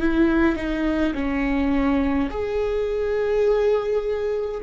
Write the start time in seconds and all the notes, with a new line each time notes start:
0.00 E4
0.55 D#4
1.14 C#4
2.30 G#4